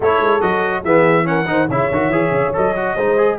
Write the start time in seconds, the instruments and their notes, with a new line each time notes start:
0.00 tuba A3, trombone E4, horn A4, trumpet C#5
0.20 tuba G#3
0.40 tuba F#3, trombone F#4, trumpet D#5
0.83 tuba E3, trombone B3, horn G#4, trumpet E5
1.24 trombone C#4, horn A#4, trumpet F#5
1.46 tuba D#3, trombone D#4, horn C5
1.68 tuba C#3, trombone E4, horn C#5, trumpet E5
1.91 tuba D#3, trombone F#4
2.09 tuba E3, trombone G#4
2.30 tuba C#3
2.53 tuba F#3, trombone A4, trumpet D#5
2.76 trombone F#4
2.94 tuba G#3, trombone D#4, horn C5
3.17 trombone G#4